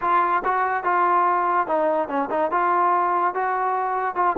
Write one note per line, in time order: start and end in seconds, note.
0.01 0.42 F4
0.44 0.83 F#4
0.83 1.67 F4
1.67 2.08 D#4
2.08 2.29 C#4
2.30 2.51 D#4
2.51 3.34 F4
3.34 4.15 F#4
4.15 4.36 F4